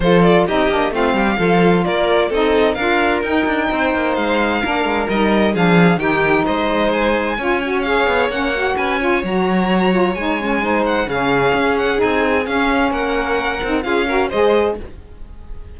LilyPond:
<<
  \new Staff \with { instrumentName = "violin" } { \time 4/4 \tempo 4 = 130 c''8 d''8 dis''4 f''2 | d''4 dis''4 f''4 g''4~ | g''4 f''2 dis''4 | f''4 g''4 dis''4 gis''4~ |
gis''4 f''4 fis''4 gis''4 | ais''2 gis''4. fis''8 | f''4. fis''8 gis''4 f''4 | fis''2 f''4 dis''4 | }
  \new Staff \with { instrumentName = "violin" } { \time 4/4 a'4 g'4 f'8 g'8 a'4 | ais'4 a'4 ais'2 | c''2 ais'2 | gis'4 g'4 c''2 |
cis''2. b'8 cis''8~ | cis''2. c''4 | gis'1 | ais'2 gis'8 ais'8 c''4 | }
  \new Staff \with { instrumentName = "saxophone" } { \time 4/4 f'4 dis'8 d'8 c'4 f'4~ | f'4 dis'4 f'4 dis'4~ | dis'2 d'4 dis'4 | d'4 dis'2. |
f'8 fis'8 gis'4 cis'8 fis'4 f'8 | fis'4. f'8 dis'8 cis'8 dis'4 | cis'2 dis'4 cis'4~ | cis'4. dis'8 f'8 fis'8 gis'4 | }
  \new Staff \with { instrumentName = "cello" } { \time 4/4 f4 c'8 ais8 a8 g8 f4 | ais4 c'4 d'4 dis'8 d'8 | c'8 ais8 gis4 ais8 gis8 g4 | f4 dis4 gis2 |
cis'4. b8 ais4 cis'4 | fis2 gis2 | cis4 cis'4 c'4 cis'4 | ais4. c'8 cis'4 gis4 | }
>>